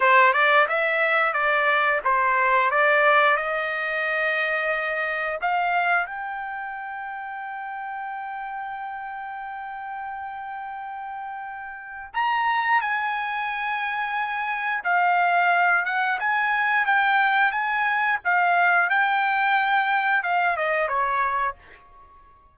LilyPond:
\new Staff \with { instrumentName = "trumpet" } { \time 4/4 \tempo 4 = 89 c''8 d''8 e''4 d''4 c''4 | d''4 dis''2. | f''4 g''2.~ | g''1~ |
g''2 ais''4 gis''4~ | gis''2 f''4. fis''8 | gis''4 g''4 gis''4 f''4 | g''2 f''8 dis''8 cis''4 | }